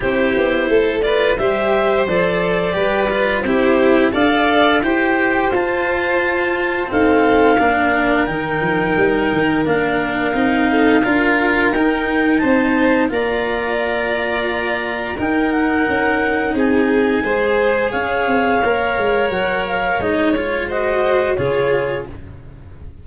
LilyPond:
<<
  \new Staff \with { instrumentName = "clarinet" } { \time 4/4 \tempo 4 = 87 c''4. d''8 e''4 d''4~ | d''4 c''4 f''4 g''4 | a''2 f''2 | g''2 f''2~ |
f''4 g''4 a''4 ais''4~ | ais''2 g''8 fis''4. | gis''2 f''2 | fis''8 f''8 dis''8 cis''8 dis''4 cis''4 | }
  \new Staff \with { instrumentName = "violin" } { \time 4/4 g'4 a'8 b'8 c''2 | b'4 g'4 d''4 c''4~ | c''2 a'4 ais'4~ | ais'2.~ ais'8 a'8 |
ais'2 c''4 d''4~ | d''2 ais'2 | gis'4 c''4 cis''2~ | cis''2 c''4 gis'4 | }
  \new Staff \with { instrumentName = "cello" } { \time 4/4 e'4. f'8 g'4 a'4 | g'8 f'8 e'4 a'4 g'4 | f'2 c'4 d'4 | dis'2 d'4 dis'4 |
f'4 dis'2 f'4~ | f'2 dis'2~ | dis'4 gis'2 ais'4~ | ais'4 dis'8 f'8 fis'4 f'4 | }
  \new Staff \with { instrumentName = "tuba" } { \time 4/4 c'8 b8 a4 g4 f4 | g4 c'4 d'4 e'4 | f'2 dis'4 ais4 | dis8 f8 g8 dis8 ais4 c'4 |
d'4 dis'4 c'4 ais4~ | ais2 dis'4 cis'4 | c'4 gis4 cis'8 c'8 ais8 gis8 | fis4 gis2 cis4 | }
>>